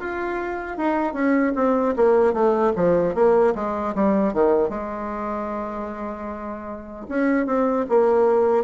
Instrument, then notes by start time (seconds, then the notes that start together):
bassoon
0.00 F4
0.78 D#4
1.13 C#4
1.56 C4
1.96 A#3
2.33 A3
2.76 F3
3.15 A#3
3.55 G#3
3.95 G3
4.33 D#3
4.70 G#3
7.09 C#4
7.46 C4
7.89 A#3